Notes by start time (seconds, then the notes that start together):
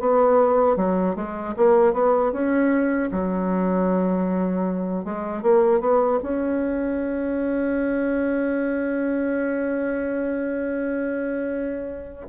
0.00 B3
0.76 F#3
1.15 G#3
1.57 A#3
1.93 B3
2.32 C#4
3.11 F#3
5.05 G#3
5.42 A#3
5.81 B3
6.23 C#4